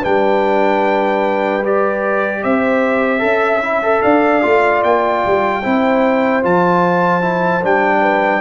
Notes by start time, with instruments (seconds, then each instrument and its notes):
0.00 tuba G3, trombone D4, horn B4, trumpet G5
1.64 trombone G4, trumpet D5
2.43 tuba C4, horn C5, trumpet E5
3.19 tuba C#4, trombone A4, horn E5
3.62 trombone E4
3.82 trombone A4
4.02 tuba D4, horn D5, trumpet F5
4.42 tuba A3, trombone F4
4.83 tuba A#3, trumpet G5
5.26 tuba G3
5.62 tuba C4, trombone E4, horn C5
6.42 tuba F3, trombone F4, trumpet A5
7.21 trombone E4
7.62 tuba G3, trombone D4, trumpet G5
8.01 horn B4